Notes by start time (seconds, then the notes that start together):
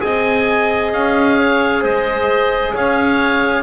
0.00 C4 G#4 D#5 G#5
0.93 C#4 F5
1.39 C#5
1.81 G#3 C5 D#5
2.73 C#4 C#5 F5